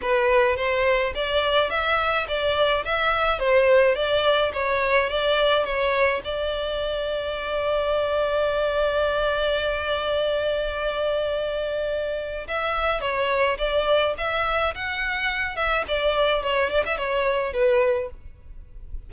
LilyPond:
\new Staff \with { instrumentName = "violin" } { \time 4/4 \tempo 4 = 106 b'4 c''4 d''4 e''4 | d''4 e''4 c''4 d''4 | cis''4 d''4 cis''4 d''4~ | d''1~ |
d''1~ | d''2 e''4 cis''4 | d''4 e''4 fis''4. e''8 | d''4 cis''8 d''16 e''16 cis''4 b'4 | }